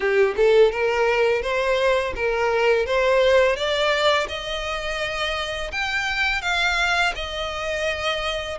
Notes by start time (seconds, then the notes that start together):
0.00 G4
0.36 A4
0.71 A#4
1.42 C5
2.15 A#4
2.86 C5
3.56 D5
4.28 D#5
5.71 G5
6.41 F5
7.15 D#5